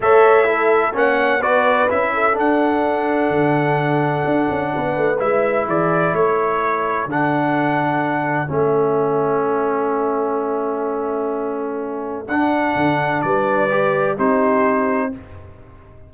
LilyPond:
<<
  \new Staff \with { instrumentName = "trumpet" } { \time 4/4 \tempo 4 = 127 e''2 fis''4 d''4 | e''4 fis''2.~ | fis''2. e''4 | d''4 cis''2 fis''4~ |
fis''2 e''2~ | e''1~ | e''2 fis''2 | d''2 c''2 | }
  \new Staff \with { instrumentName = "horn" } { \time 4/4 cis''4 a'4 cis''4 b'4~ | b'8 a'2.~ a'8~ | a'2 b'2 | gis'4 a'2.~ |
a'1~ | a'1~ | a'1 | b'2 g'2 | }
  \new Staff \with { instrumentName = "trombone" } { \time 4/4 a'4 e'4 cis'4 fis'4 | e'4 d'2.~ | d'2. e'4~ | e'2. d'4~ |
d'2 cis'2~ | cis'1~ | cis'2 d'2~ | d'4 g'4 dis'2 | }
  \new Staff \with { instrumentName = "tuba" } { \time 4/4 a2 ais4 b4 | cis'4 d'2 d4~ | d4 d'8 cis'8 b8 a8 gis4 | e4 a2 d4~ |
d2 a2~ | a1~ | a2 d'4 d4 | g2 c'2 | }
>>